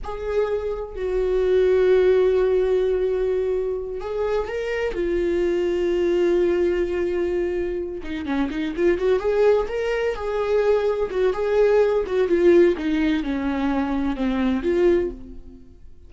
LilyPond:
\new Staff \with { instrumentName = "viola" } { \time 4/4 \tempo 4 = 127 gis'2 fis'2~ | fis'1~ | fis'8 gis'4 ais'4 f'4.~ | f'1~ |
f'4 dis'8 cis'8 dis'8 f'8 fis'8 gis'8~ | gis'8 ais'4 gis'2 fis'8 | gis'4. fis'8 f'4 dis'4 | cis'2 c'4 f'4 | }